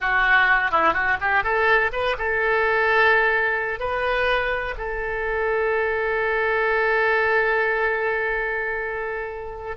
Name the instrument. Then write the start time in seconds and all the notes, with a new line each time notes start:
oboe
0.01 F#4
0.71 E4
0.93 F#4
1.21 G4
1.43 A4
1.92 B4
2.18 A4
3.79 B4
4.77 A4